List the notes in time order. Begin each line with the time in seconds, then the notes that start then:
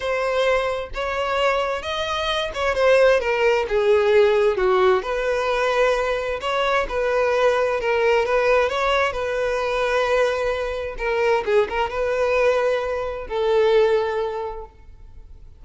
0.00 C5
0.94 C#5
1.82 D#5
2.54 C#5
2.74 C5
3.20 A#4
3.68 G#4
4.56 F#4
5.02 B4
6.40 C#5
6.88 B4
7.80 A#4
8.25 B4
8.69 C#5
9.12 B4
10.98 A#4
11.45 G#4
11.69 A#4
11.90 B4
13.27 A4